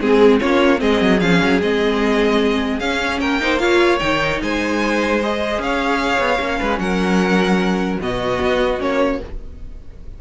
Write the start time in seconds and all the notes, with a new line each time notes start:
0.00 G#3 C4 G#4
0.40 A#3 C#4 F4 C#5
0.77 G#3 C4 G#4 D#5
1.01 F#3
1.20 F3 C#4 F5
1.43 F#3
1.60 G#3 C4 D#5
2.80 C#4 F5
3.20 A#3 A#4 G5
3.41 D#4 C5
3.58 F4 C#5 F5
3.99 D#3 D#4 G5
4.42 G#3 C5 G#5
5.23 G#4 D#5
5.58 C#4 C#5 F5
6.19 B3
6.39 A#3 C#4
6.59 G#3 B4
6.79 F#3 A#4 F#5
8.01 B2 B3 F#4 D#5
8.41 B3
8.79 A#3 C#4 C#5